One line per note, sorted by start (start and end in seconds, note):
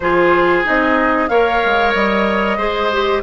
0.00 0.64 F3
0.00 0.64 F4
0.00 1.29 G#4
0.00 0.64 C5
0.64 1.29 C4
0.64 1.28 D#4
0.64 1.28 D#5
1.28 1.61 A#3
1.28 2.58 A#4
1.28 2.57 C#5
1.28 1.92 F5
1.65 1.94 G#3
1.93 2.58 G3
1.93 3.22 D#5
2.57 3.22 G#3
2.57 2.90 G#4
2.57 3.22 C5
2.92 3.22 G4